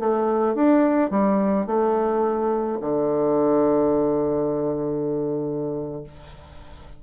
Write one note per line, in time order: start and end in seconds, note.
0.00 0.55 A3
0.55 1.11 D4
1.11 1.67 G3
1.67 2.79 A3
2.81 6.04 D3